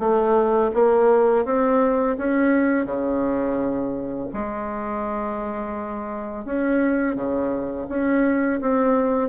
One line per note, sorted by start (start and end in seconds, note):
0.00 0.71 A3
0.74 1.45 A#3
1.45 2.17 C4
2.18 2.86 C#4
2.86 4.29 C#3
4.33 6.45 G#3
6.45 7.16 C#4
7.16 7.87 C#3
7.89 8.60 C#4
8.61 9.30 C4